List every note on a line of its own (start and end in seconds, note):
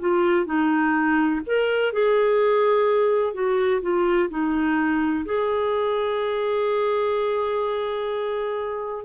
0.00 0.46 F4
0.46 1.42 D#4
1.47 1.93 A#4
1.93 3.34 G#4
3.34 3.81 F#4
3.82 4.30 F4
4.30 5.25 D#4
5.26 9.05 G#4